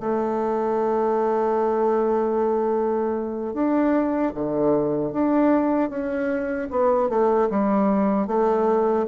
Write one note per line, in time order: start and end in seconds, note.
0.00 3.53 A3
3.53 4.32 D4
4.34 5.12 D3
5.12 5.89 D4
5.89 6.68 C#4
6.70 7.09 B3
7.09 7.49 A3
7.50 8.27 G3
8.27 9.06 A3